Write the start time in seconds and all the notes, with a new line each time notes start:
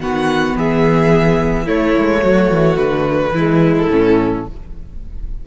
0.00 D#3 B3 F#4 F#5
0.57 E3 G#4 E5
1.66 A3 E4 C#5
1.98 G#3
2.22 F#3 F#4
2.50 E3
2.77 D3 B4
3.31 E3 E4
3.37 G#3
3.78 A4
3.90 A2 C#4